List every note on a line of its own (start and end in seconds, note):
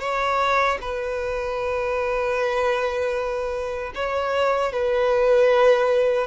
0.00 0.78 C#5
0.81 3.93 B4
3.95 4.72 C#5
4.72 6.27 B4